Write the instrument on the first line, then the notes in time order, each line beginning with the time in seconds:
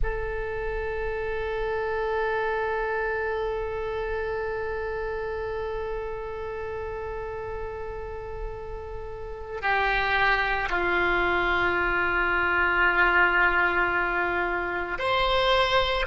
oboe
0.02 A4
9.61 G4
10.69 F4
14.98 C5